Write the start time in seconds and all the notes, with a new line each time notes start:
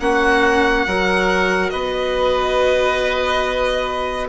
0.00 A#3 C#4 F#4 F#5
0.87 F#3 F#4 A#4
1.70 B3 B4 D#5